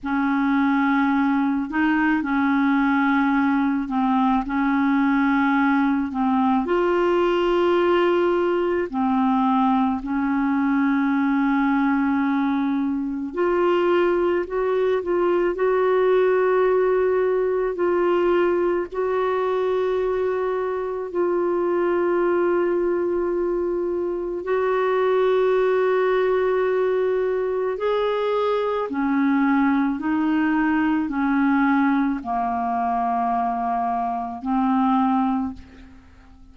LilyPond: \new Staff \with { instrumentName = "clarinet" } { \time 4/4 \tempo 4 = 54 cis'4. dis'8 cis'4. c'8 | cis'4. c'8 f'2 | c'4 cis'2. | f'4 fis'8 f'8 fis'2 |
f'4 fis'2 f'4~ | f'2 fis'2~ | fis'4 gis'4 cis'4 dis'4 | cis'4 ais2 c'4 | }